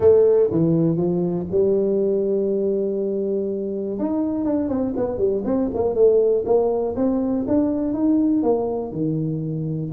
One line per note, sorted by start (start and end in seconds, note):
0.00 0.49 A3
0.51 0.96 E3
0.96 1.46 F3
1.50 3.98 G3
3.98 4.44 D#4
4.44 4.69 D4
4.69 4.93 C4
4.96 5.18 B3
5.18 5.43 G3
5.44 5.69 C4
5.74 5.94 A#3
5.94 6.44 A3
6.45 6.95 A#3
6.96 7.45 C4
7.47 7.93 D4
7.93 8.42 D#4
8.42 8.92 A#3
8.92 9.91 D#3